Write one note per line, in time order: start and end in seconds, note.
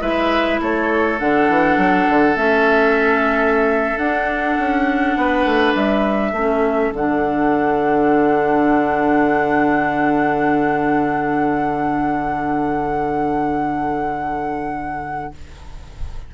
0.00 0.59 G#3
0.00 1.18 E4
0.00 0.60 B4
0.00 0.59 E5
0.61 1.20 A3
0.61 5.17 A4
0.61 1.19 C#5
1.19 1.49 D3
1.19 2.36 D4
1.19 2.36 F#5
1.49 1.77 E3
1.77 2.06 F#3
2.09 2.36 D3
2.36 3.97 A3
2.36 3.97 C#4
2.36 3.97 E5
3.97 4.56 D4
3.97 6.33 D4
3.97 5.74 F#5
4.59 5.16 C#4
5.16 5.44 B3
5.16 6.31 B4
5.44 5.74 A3
5.75 6.32 G3
5.75 6.92 E5
6.31 6.91 A3
6.31 6.95 C#4
6.31 15.28 A4
6.92 15.30 D3
6.92 15.33 D4
6.92 15.34 F#5